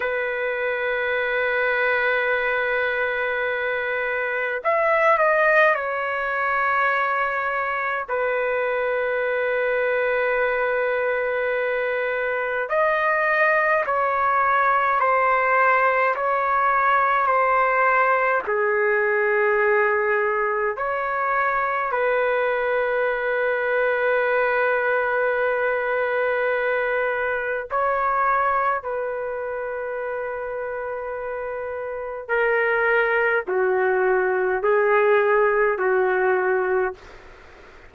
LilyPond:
\new Staff \with { instrumentName = "trumpet" } { \time 4/4 \tempo 4 = 52 b'1 | e''8 dis''8 cis''2 b'4~ | b'2. dis''4 | cis''4 c''4 cis''4 c''4 |
gis'2 cis''4 b'4~ | b'1 | cis''4 b'2. | ais'4 fis'4 gis'4 fis'4 | }